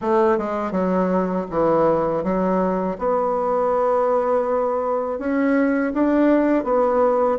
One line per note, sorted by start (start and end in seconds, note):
0.01 0.38 A3
0.38 0.71 G#3
0.71 1.45 F#3
1.50 2.23 E3
2.23 2.97 F#3
2.98 5.18 B3
5.18 5.92 C#4
5.93 6.64 D4
6.64 7.38 B3